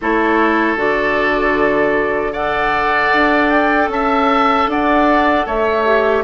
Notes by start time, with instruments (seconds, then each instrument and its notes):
0.01 bassoon A3, clarinet E4, oboe A4, flute C#5
0.76 bassoon D3, clarinet F#4, flute D5
2.32 clarinet A4, oboe D5, flute F#5
3.13 bassoon D4
3.49 flute G5
3.88 bassoon C#4, oboe E5, flute A5
4.67 bassoon D4, oboe D5, flute F#5
5.45 bassoon A3, oboe C#5, flute E5
5.85 clarinet G4